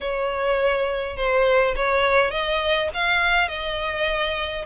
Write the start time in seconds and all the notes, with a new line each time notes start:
0.00 C#5
1.16 C5
1.76 C#5
2.30 D#5
2.94 F5
3.48 D#5